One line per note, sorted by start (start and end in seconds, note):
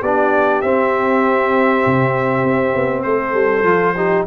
0.00 0.62 B3
0.00 0.63 D4
0.00 3.03 G4
0.00 0.61 D5
0.61 3.64 C4
0.61 1.84 C4
0.61 3.02 E5
1.86 2.43 C3
2.43 2.74 C4
2.74 3.04 B3
3.02 3.33 A3
3.02 3.95 A4
3.02 4.23 C5
3.33 3.62 G3
3.62 4.23 F3
3.62 3.94 F4
3.95 4.26 D#4
3.95 4.26 G4